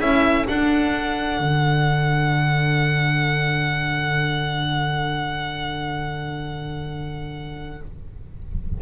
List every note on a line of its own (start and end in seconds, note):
0.00 0.46 C#4
0.00 0.45 E4
0.00 7.82 A4
0.00 0.47 E5
0.45 7.78 D4
0.45 1.39 D4
0.45 7.81 F#5
1.39 7.80 D3